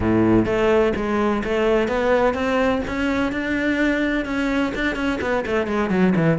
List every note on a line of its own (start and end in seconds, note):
0.00 0.45 A2
0.45 0.92 A3
0.96 1.43 G#3
1.44 1.88 A3
1.88 2.34 B3
2.34 2.81 C4
2.87 3.32 C#4
3.32 4.25 D4
4.25 4.72 C#4
4.75 4.95 D4
4.95 5.19 C#4
5.21 5.44 B3
5.45 5.66 A3
5.66 5.89 G#3
5.89 6.13 F#3
6.16 6.38 E3